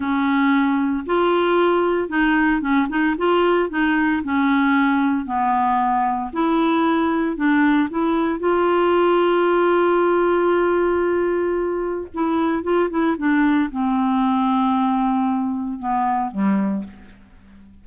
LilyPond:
\new Staff \with { instrumentName = "clarinet" } { \time 4/4 \tempo 4 = 114 cis'2 f'2 | dis'4 cis'8 dis'8 f'4 dis'4 | cis'2 b2 | e'2 d'4 e'4 |
f'1~ | f'2. e'4 | f'8 e'8 d'4 c'2~ | c'2 b4 g4 | }